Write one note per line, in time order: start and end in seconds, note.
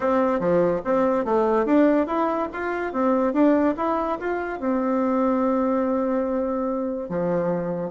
0.00 0.39 C4
0.39 0.81 F3
0.84 1.25 C4
1.25 1.65 A3
1.65 2.06 D4
2.06 2.48 E4
2.52 2.93 F4
2.93 3.33 C4
3.33 3.74 D4
3.77 4.18 E4
4.19 4.59 F4
4.59 7.09 C4
7.09 7.90 F3